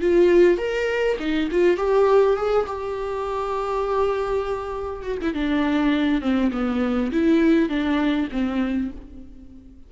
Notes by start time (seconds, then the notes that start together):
0.00 F4
0.57 A#4
1.19 D#4
1.51 F4
1.77 G4
2.36 G#4
2.66 G4
5.03 F#4
5.21 E4
5.33 D4
6.21 C4
6.52 B3
7.11 E4
7.68 D4
8.31 C4